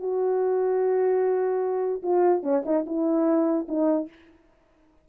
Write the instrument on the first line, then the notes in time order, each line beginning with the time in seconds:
horn
0.00 F#4
2.03 F4
2.44 C#4
2.66 D#4
2.87 E4
3.68 D#4